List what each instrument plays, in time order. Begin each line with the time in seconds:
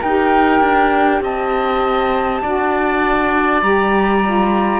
0.00 cello D#4, saxophone G4, oboe A#4, flute G5
0.60 cello D4
1.20 cello C4, oboe D#5, flute A5
2.42 cello D4, saxophone F#4, oboe D5
3.61 cello G3, saxophone G4, flute A#5
4.24 saxophone F4